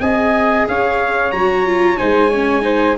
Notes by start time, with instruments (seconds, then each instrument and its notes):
0.00 tuba C4, viola G#4, flute D#5, trumpet G#5
0.68 tuba C#4, flute C#5, trumpet F5
1.31 tuba F#3, viola F#4, trumpet A#5
1.66 viola F4
1.97 tuba G#3, viola D#4, flute C5, trumpet G#5
2.29 viola C#4, flute C#5
2.62 viola D#4, flute C5